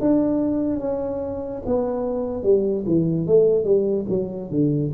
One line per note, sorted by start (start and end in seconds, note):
0.00 0.80 D4
0.80 1.62 C#4
1.66 2.43 B3
2.43 2.84 G3
2.86 3.27 E3
3.27 3.64 A3
3.64 4.05 G3
4.09 4.50 F#3
4.50 4.91 D3